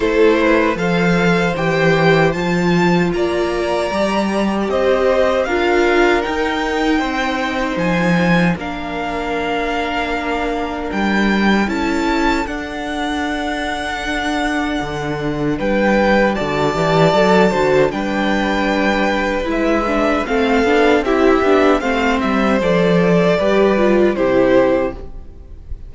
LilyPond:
<<
  \new Staff \with { instrumentName = "violin" } { \time 4/4 \tempo 4 = 77 c''4 f''4 g''4 a''4 | ais''2 dis''4 f''4 | g''2 gis''4 f''4~ | f''2 g''4 a''4 |
fis''1 | g''4 a''2 g''4~ | g''4 e''4 f''4 e''4 | f''8 e''8 d''2 c''4 | }
  \new Staff \with { instrumentName = "violin" } { \time 4/4 a'8 b'8 c''2. | d''2 c''4 ais'4~ | ais'4 c''2 ais'4~ | ais'2. a'4~ |
a'1 | b'4 d''4. c''8 b'4~ | b'2 a'4 g'4 | c''2 b'4 g'4 | }
  \new Staff \with { instrumentName = "viola" } { \time 4/4 e'4 a'4 g'4 f'4~ | f'4 g'2 f'4 | dis'2. d'4~ | d'2. e'4 |
d'1~ | d'4 fis'8 g'8 a'8 fis'8 d'4~ | d'4 e'8 d'8 c'8 d'8 e'8 d'8 | c'4 a'4 g'8 f'8 e'4 | }
  \new Staff \with { instrumentName = "cello" } { \time 4/4 a4 f4 e4 f4 | ais4 g4 c'4 d'4 | dis'4 c'4 f4 ais4~ | ais2 g4 cis'4 |
d'2. d4 | g4 d8 e8 fis8 d8 g4~ | g4 gis4 a8 b8 c'8 b8 | a8 g8 f4 g4 c4 | }
>>